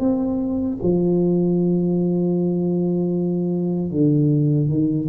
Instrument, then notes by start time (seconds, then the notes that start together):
tuba
0.00 C4
0.83 F3
3.92 D3
4.69 D#3